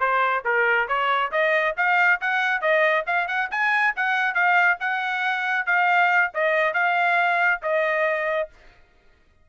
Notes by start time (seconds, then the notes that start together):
0.00 C5
0.45 A#4
0.88 C#5
1.32 D#5
1.77 F5
2.21 F#5
2.61 D#5
3.07 F5
3.27 F#5
3.51 G#5
3.96 F#5
4.34 F5
4.80 F#5
5.66 F5
6.34 D#5
6.74 F5
7.62 D#5